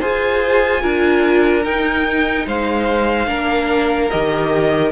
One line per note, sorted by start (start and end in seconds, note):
0.00 0.84 F4
0.00 0.81 G#4
0.00 0.81 C5
0.00 1.64 G#5
0.81 1.66 D4
0.81 1.63 F4
0.81 2.46 A#4
1.63 3.27 D#4
1.63 2.47 D#4
1.63 2.47 G5
2.47 3.27 G#3
2.47 3.29 C5
2.47 4.10 F5
3.27 4.09 A#3
3.27 4.09 D4
3.27 4.92 A#4
4.10 4.92 D#3
4.10 4.92 G4
4.10 4.92 D#5